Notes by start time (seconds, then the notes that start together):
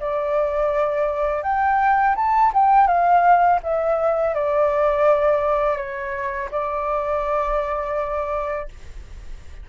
0.00 D5
1.43 G5
2.16 A5
2.54 G5
2.88 F5
3.63 E5
4.34 D5
5.77 C#5
6.52 D5